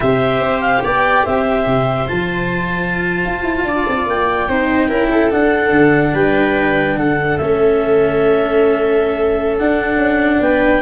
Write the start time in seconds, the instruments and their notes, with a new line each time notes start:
0.00 tuba C3, cello G4, viola C5, clarinet E5
0.39 tuba C4
0.60 clarinet F5
0.84 tuba B3, viola D5, clarinet G5
1.25 tuba C4, viola C5, clarinet E5
1.66 tuba C3
2.07 tuba F3, cello F4, clarinet A5
3.25 tuba F4
3.42 tuba E4
3.63 tuba D4, viola D5
3.87 tuba C4
4.06 tuba A#3, clarinet G5
4.48 tuba C4, cello D#4, viola C5
4.88 tuba C#4, cello E4, viola A#4
5.10 viola A4
5.30 cello D4, tuba D4, clarinet F#5
5.70 tuba D3
6.13 tuba G3, viola B4, clarinet G5
6.96 tuba D3, viola A4, clarinet F#5
7.37 tuba A3, cello C#4, clarinet E5
9.58 cello D4, tuba D4, clarinet F#5
9.96 tuba C#4
10.40 tuba B3, viola B4, clarinet G5